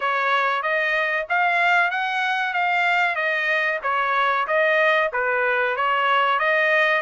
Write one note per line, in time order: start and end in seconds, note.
0.00 0.62 C#5
0.62 1.26 D#5
1.29 1.90 F5
1.90 2.53 F#5
2.53 3.15 F5
3.15 3.79 D#5
3.82 4.46 C#5
4.47 5.11 D#5
5.12 5.76 B4
5.76 6.39 C#5
6.39 7.01 D#5